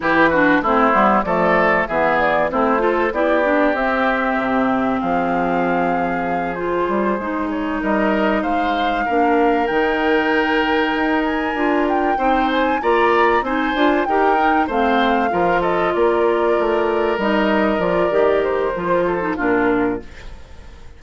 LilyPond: <<
  \new Staff \with { instrumentName = "flute" } { \time 4/4 \tempo 4 = 96 b'4 c''4 d''4 e''8 d''8 | c''4 d''4 e''2 | f''2~ f''8 c''4. | cis''8 dis''4 f''2 g''8~ |
g''2 gis''4 g''4 | gis''8 ais''4 gis''4 g''4 f''8~ | f''4 dis''8 d''2 dis''8~ | dis''8 d''4 c''4. ais'4 | }
  \new Staff \with { instrumentName = "oboe" } { \time 4/4 g'8 fis'8 e'4 a'4 gis'4 | e'8 a'8 g'2. | gis'1~ | gis'8 ais'4 c''4 ais'4.~ |
ais'2.~ ais'8 c''8~ | c''8 d''4 c''4 ais'4 c''8~ | c''8 ais'8 a'8 ais'2~ ais'8~ | ais'2~ ais'8 a'8 f'4 | }
  \new Staff \with { instrumentName = "clarinet" } { \time 4/4 e'8 d'8 c'8 b8 a4 b4 | c'8 f'8 e'8 d'8 c'2~ | c'2~ c'8 f'4 dis'8~ | dis'2~ dis'8 d'4 dis'8~ |
dis'2~ dis'8 f'4 dis'8~ | dis'8 f'4 dis'8 f'8 g'8 dis'8 c'8~ | c'8 f'2. dis'8~ | dis'8 f'8 g'4 f'8. dis'16 d'4 | }
  \new Staff \with { instrumentName = "bassoon" } { \time 4/4 e4 a8 g8 f4 e4 | a4 b4 c'4 c4 | f2. g8 gis8~ | gis8 g4 gis4 ais4 dis8~ |
dis4. dis'4 d'4 c'8~ | c'8 ais4 c'8 d'8 dis'4 a8~ | a8 f4 ais4 a4 g8~ | g8 f8 dis4 f4 ais,4 | }
>>